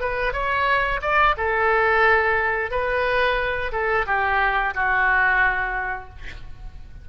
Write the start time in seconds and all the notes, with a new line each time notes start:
0.00 B4
0.32 C#5
1.01 D5
1.37 A4
2.70 B4
3.72 A4
4.06 G4
4.74 F#4